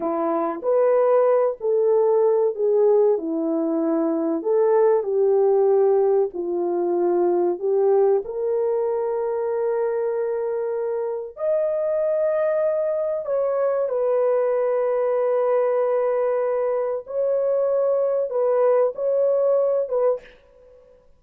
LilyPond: \new Staff \with { instrumentName = "horn" } { \time 4/4 \tempo 4 = 95 e'4 b'4. a'4. | gis'4 e'2 a'4 | g'2 f'2 | g'4 ais'2.~ |
ais'2 dis''2~ | dis''4 cis''4 b'2~ | b'2. cis''4~ | cis''4 b'4 cis''4. b'8 | }